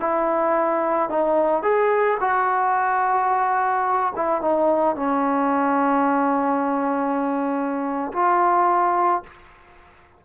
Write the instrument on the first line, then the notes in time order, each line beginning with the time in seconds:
trombone
0.00 E4
1.09 D#4
1.63 G#4
2.20 F#4
4.16 E4
4.41 D#4
4.96 C#4
8.13 F4